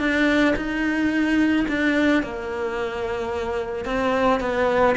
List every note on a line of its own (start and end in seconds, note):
0.00 0.55 D4
0.57 1.67 D#4
1.69 2.23 D4
2.23 3.86 A#3
3.86 4.41 C4
4.41 4.96 B3